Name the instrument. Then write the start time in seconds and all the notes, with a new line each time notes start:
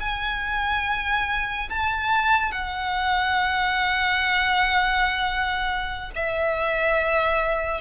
violin
0.00 G#5
1.69 A5
2.52 F#5
6.15 E5